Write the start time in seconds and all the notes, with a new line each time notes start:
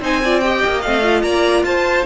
0.00 C4 D#4 C5 G#5
0.23 F4 D5
0.40 G4 D#5 G5
0.65 A#3
0.81 A3 C4 F5
1.01 F4
1.22 A#3 D5 A#5
1.62 F4 C5 A5